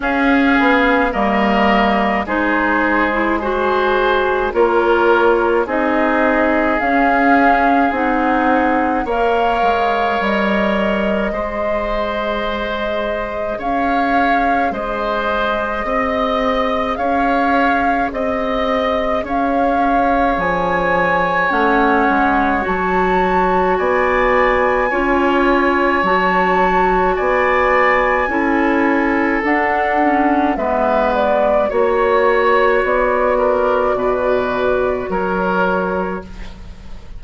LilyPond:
<<
  \new Staff \with { instrumentName = "flute" } { \time 4/4 \tempo 4 = 53 f''4 dis''4 c''4 gis'4 | cis''4 dis''4 f''4 fis''4 | f''4 dis''2. | f''4 dis''2 f''4 |
dis''4 f''4 gis''4 fis''4 | a''4 gis''2 a''4 | gis''2 fis''4 e''8 d''8 | cis''4 d''2 cis''4 | }
  \new Staff \with { instrumentName = "oboe" } { \time 4/4 gis'4 ais'4 gis'4 c''4 | ais'4 gis'2. | cis''2 c''2 | cis''4 c''4 dis''4 cis''4 |
dis''4 cis''2.~ | cis''4 d''4 cis''2 | d''4 a'2 b'4 | cis''4. ais'8 b'4 ais'4 | }
  \new Staff \with { instrumentName = "clarinet" } { \time 4/4 cis'4 ais4 dis'8. e'16 fis'4 | f'4 dis'4 cis'4 dis'4 | ais'2 gis'2~ | gis'1~ |
gis'2. cis'4 | fis'2 f'4 fis'4~ | fis'4 e'4 d'8 cis'8 b4 | fis'1 | }
  \new Staff \with { instrumentName = "bassoon" } { \time 4/4 cis'8 b8 g4 gis2 | ais4 c'4 cis'4 c'4 | ais8 gis8 g4 gis2 | cis'4 gis4 c'4 cis'4 |
c'4 cis'4 f4 a8 gis8 | fis4 b4 cis'4 fis4 | b4 cis'4 d'4 gis4 | ais4 b4 b,4 fis4 | }
>>